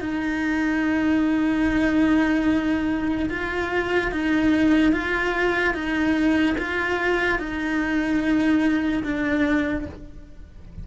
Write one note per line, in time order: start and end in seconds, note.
0.00 3.29 D#4
3.30 4.11 F4
4.11 4.92 D#4
4.92 5.73 F4
5.73 6.56 D#4
6.58 7.39 F4
7.39 9.03 D#4
9.03 9.86 D4